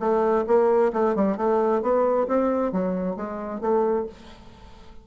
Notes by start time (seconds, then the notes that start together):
0.00 A3
0.47 A#3
0.93 A3
1.15 G3
1.37 A3
1.82 B3
2.28 C4
2.72 F#3
3.16 G#3
3.61 A3